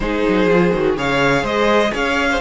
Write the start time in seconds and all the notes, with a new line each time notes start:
0.00 G#3 D#4 G#4 C5
0.28 F#3
0.46 F3 F4
0.73 D#3 F#4
0.96 C#3 G#4 C#5 F5
1.42 G#3 C5 D#5
1.93 C#4 C#5 F5
2.30 C5